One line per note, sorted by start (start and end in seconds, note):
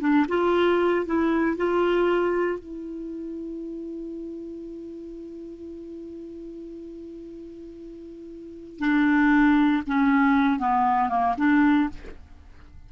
0.00 0.26 D4
0.28 1.06 F4
1.06 1.57 E4
1.57 2.59 F4
2.59 8.79 E4
8.79 9.83 D4
9.87 10.59 C#4
10.59 11.09 B3
11.09 11.35 A#3
11.38 11.89 D4